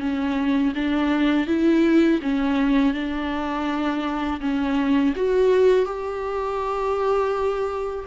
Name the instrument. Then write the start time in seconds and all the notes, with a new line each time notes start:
viola
0.00 C#4
0.75 D4
1.47 E4
2.22 C#4
2.94 D4
4.41 C#4
5.16 F#4
5.86 G4